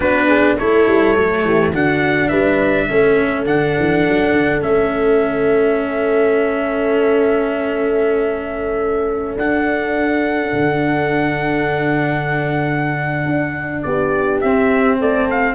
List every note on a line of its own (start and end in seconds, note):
0.00 0.58 B3
0.00 0.58 D4
0.00 0.28 F#4
0.00 0.57 B4
0.28 0.56 G#4
0.57 0.87 A3
0.57 1.15 E4
0.57 1.44 A4
0.57 1.73 C#5
0.87 1.16 G3
1.15 1.44 F#3
1.15 1.72 A3
1.44 1.72 E3
1.44 1.72 G4
1.72 2.30 D3
1.72 2.89 D4
1.72 2.29 F#4
1.72 2.28 F#5
2.28 2.89 G3
2.28 2.87 B4
2.28 3.43 E5
2.87 3.46 A3
2.87 3.46 C#4
2.87 13.83 A4
3.46 3.75 D3
3.46 4.61 D4
3.46 4.61 F#5
3.79 4.07 E3
4.08 4.32 F#3
4.32 4.61 D3
4.61 9.36 A3
4.61 9.37 C#4
4.61 9.37 E5
9.36 10.51 D4
9.36 14.44 D4
9.36 13.82 F#5
10.53 13.25 D3
13.25 13.82 D4
13.82 14.42 B3
13.82 14.99 G4
13.82 14.40 D5
14.41 15.01 C4
14.41 15.54 C4
14.41 14.98 E5
14.99 15.54 A3
14.99 15.54 A4
14.99 15.30 D5
15.30 15.54 F5